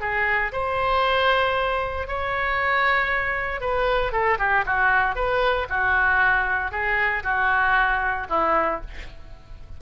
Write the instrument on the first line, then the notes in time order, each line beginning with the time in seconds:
oboe
0.00 G#4
0.52 C5
2.07 C#5
3.60 B4
4.12 A4
4.39 G4
4.66 F#4
5.15 B4
5.69 F#4
6.71 G#4
7.23 F#4
8.29 E4